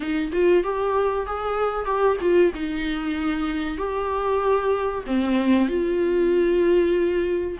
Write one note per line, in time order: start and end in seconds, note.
0.00 0.31 D#4
0.32 0.63 F4
0.63 1.26 G4
1.26 1.85 G#4
1.85 2.16 G4
2.20 2.52 F4
2.54 3.77 D#4
3.77 5.04 G4
5.06 5.68 C4
5.68 7.58 F4